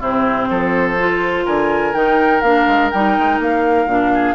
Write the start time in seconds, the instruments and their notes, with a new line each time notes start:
0.00 bassoon C3, clarinet C4, oboe E4, flute C5
0.50 bassoon F3, oboe A4
0.99 clarinet F4
1.45 bassoon D3, oboe A#4, flute G#5
1.94 bassoon D#3, clarinet D#4, flute G5
2.41 bassoon A#3, clarinet D4, flute F5
2.67 bassoon G#3
2.91 bassoon G3, clarinet D#4, flute G5
3.18 bassoon G#3
3.39 bassoon A#3, flute F5
3.86 bassoon A#2, clarinet D4
4.14 oboe G#4